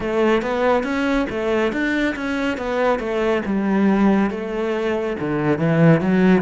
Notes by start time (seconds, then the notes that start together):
0.00 A3
0.42 B3
0.83 C#4
1.29 A3
1.72 D4
2.15 C#4
2.57 B3
2.99 A3
3.45 G3
4.30 A3
5.19 D3
5.58 E3
6.00 F#3